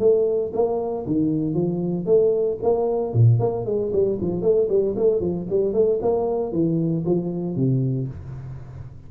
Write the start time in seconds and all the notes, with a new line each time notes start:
0.00 A3
0.54 A#3
1.06 D#3
1.55 F3
2.06 A3
2.63 A#3
3.14 A#2
3.40 A#3
3.66 G#3
3.93 G3
4.21 F3
4.42 A3
4.70 G3
4.96 A3
5.21 F3
5.50 G3
5.74 A3
6.02 A#3
6.53 E3
7.06 F3
7.56 C3